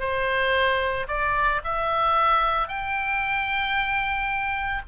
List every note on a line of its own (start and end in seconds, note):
0.00 1.07 C5
1.08 1.61 D5
1.64 2.68 E5
2.68 4.82 G5